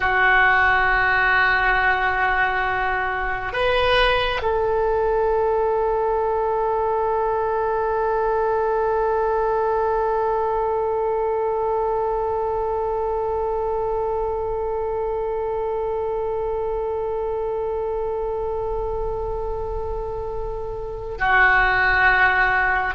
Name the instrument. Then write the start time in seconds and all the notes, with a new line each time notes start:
oboe
0.00 F#4
3.53 B4
4.42 A4
21.18 F#4